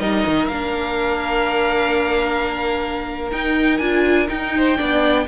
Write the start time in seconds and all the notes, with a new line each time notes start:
0.00 G3 D#4 A#4 D#5
0.27 D#3
0.48 A#3 D4 F5
3.32 D#4 G5
3.78 D4 F4 G#5
4.28 D#4 G5
4.57 C5
4.78 B3 D4 D5